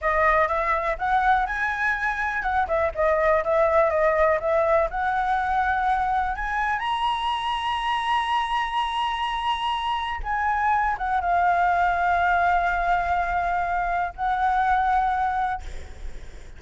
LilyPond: \new Staff \with { instrumentName = "flute" } { \time 4/4 \tempo 4 = 123 dis''4 e''4 fis''4 gis''4~ | gis''4 fis''8 e''8 dis''4 e''4 | dis''4 e''4 fis''2~ | fis''4 gis''4 ais''2~ |
ais''1~ | ais''4 gis''4. fis''8 f''4~ | f''1~ | f''4 fis''2. | }